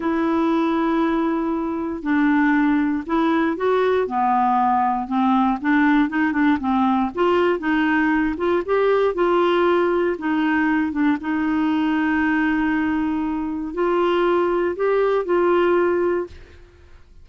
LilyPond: \new Staff \with { instrumentName = "clarinet" } { \time 4/4 \tempo 4 = 118 e'1 | d'2 e'4 fis'4 | b2 c'4 d'4 | dis'8 d'8 c'4 f'4 dis'4~ |
dis'8 f'8 g'4 f'2 | dis'4. d'8 dis'2~ | dis'2. f'4~ | f'4 g'4 f'2 | }